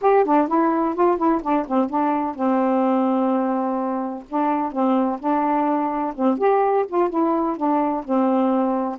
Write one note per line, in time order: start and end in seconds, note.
0.01 0.24 G4
0.24 0.48 D4
0.48 0.94 E4
0.94 1.17 F4
1.17 1.41 E4
1.42 1.65 D4
1.67 1.89 C4
1.89 2.35 D4
2.35 4.24 C4
4.29 4.72 D4
4.72 5.19 C4
5.19 6.14 D4
6.15 6.38 C4
6.38 6.85 G4
6.88 7.09 F4
7.09 7.56 E4
7.57 8.04 D4
8.04 8.98 C4